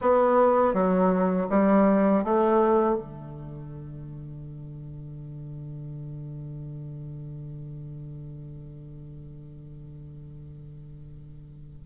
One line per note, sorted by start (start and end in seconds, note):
0.01 0.73 B3
0.73 1.47 F#3
1.49 2.24 G3
2.24 2.96 A3
2.96 11.85 D3